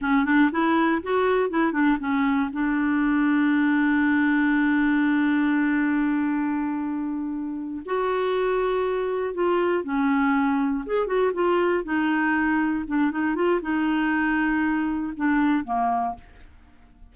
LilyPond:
\new Staff \with { instrumentName = "clarinet" } { \time 4/4 \tempo 4 = 119 cis'8 d'8 e'4 fis'4 e'8 d'8 | cis'4 d'2.~ | d'1~ | d'2.~ d'8 fis'8~ |
fis'2~ fis'8 f'4 cis'8~ | cis'4. gis'8 fis'8 f'4 dis'8~ | dis'4. d'8 dis'8 f'8 dis'4~ | dis'2 d'4 ais4 | }